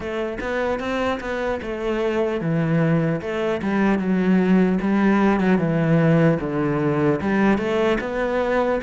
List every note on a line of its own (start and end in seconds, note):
0.00 0.38 A3
0.40 0.79 B3
0.79 1.19 C4
1.20 1.60 B3
1.61 2.40 A3
2.40 3.20 E3
3.21 3.61 A3
3.61 3.99 G3
3.99 4.79 F#3
4.81 5.40 G3
5.40 5.58 F#3
5.58 6.38 E3
6.40 7.20 D3
7.21 7.57 G3
7.57 7.97 A3
8.00 8.80 B3